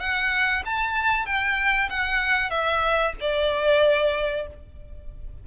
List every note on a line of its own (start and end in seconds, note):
0.00 0.63 F#5
0.65 1.26 A5
1.26 1.89 G5
1.90 2.50 F#5
2.50 3.13 E5
3.21 4.47 D5